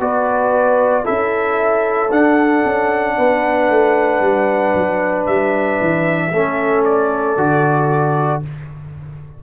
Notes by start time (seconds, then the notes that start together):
0.00 B3 F#4 B4 D5
1.04 C#4 E4 A4 E5
2.11 D4 F#5
2.65 C#4
3.18 B3 B4
3.70 A3
4.21 G3
4.74 F#3
5.27 G3 E5
5.81 E3
6.32 A3 C#4 A4
6.85 D5
7.37 D3 F#4